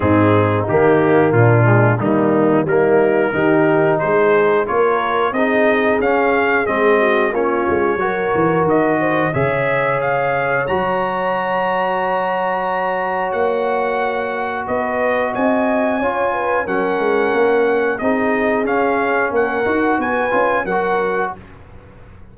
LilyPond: <<
  \new Staff \with { instrumentName = "trumpet" } { \time 4/4 \tempo 4 = 90 gis'4 g'4 f'4 dis'4 | ais'2 c''4 cis''4 | dis''4 f''4 dis''4 cis''4~ | cis''4 dis''4 e''4 f''4 |
ais''1 | fis''2 dis''4 gis''4~ | gis''4 fis''2 dis''4 | f''4 fis''4 gis''4 fis''4 | }
  \new Staff \with { instrumentName = "horn" } { \time 4/4 dis'2 d'4 ais4 | dis'4 g'4 gis'4 ais'4 | gis'2~ gis'8 fis'8 f'4 | ais'4. c''8 cis''2~ |
cis''1~ | cis''2 b'4 dis''4 | cis''8 b'8 ais'2 gis'4~ | gis'4 ais'4 b'4 ais'4 | }
  \new Staff \with { instrumentName = "trombone" } { \time 4/4 c'4 ais4. gis8 g4 | ais4 dis'2 f'4 | dis'4 cis'4 c'4 cis'4 | fis'2 gis'2 |
fis'1~ | fis'1 | f'4 cis'2 dis'4 | cis'4. fis'4 f'8 fis'4 | }
  \new Staff \with { instrumentName = "tuba" } { \time 4/4 gis,4 dis4 ais,4 dis4 | g4 dis4 gis4 ais4 | c'4 cis'4 gis4 ais8 gis8 | fis8 e8 dis4 cis2 |
fis1 | ais2 b4 c'4 | cis'4 fis8 gis8 ais4 c'4 | cis'4 ais8 dis'8 b8 cis'8 fis4 | }
>>